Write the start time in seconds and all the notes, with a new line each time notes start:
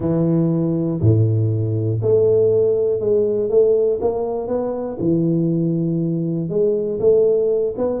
0.00 E3
1.00 A2
2.02 A3
3.00 G#3
3.49 A3
4.01 A#3
4.47 B3
4.99 E3
6.49 G#3
6.99 A3
7.77 B3